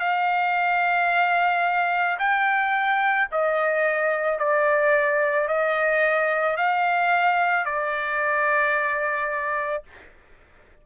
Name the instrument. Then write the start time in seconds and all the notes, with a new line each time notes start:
trumpet
0.00 F5
2.19 G5
3.32 D#5
4.39 D5
5.48 D#5
6.57 F5
7.66 D5